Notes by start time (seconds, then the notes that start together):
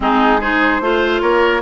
0.00 G#3 C4 D#4 G#4
0.40 D#4 G#4 C5
0.80 A3 F4 C5
1.21 A#3 A#4 C#5